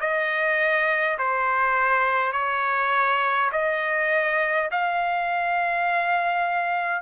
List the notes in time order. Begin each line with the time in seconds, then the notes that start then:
0.00 D#5
1.18 C5
2.33 C#5
3.52 D#5
4.71 F5